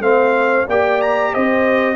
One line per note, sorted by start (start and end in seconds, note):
0.00 0.65 A3
0.00 0.66 C4
0.00 0.67 C5
0.00 0.67 F5
0.67 1.33 A#3
0.67 1.96 G4
0.67 1.32 D5
0.67 1.01 G5
1.01 1.34 A#5
1.33 1.96 C4
1.33 1.96 C5
1.33 1.96 D#5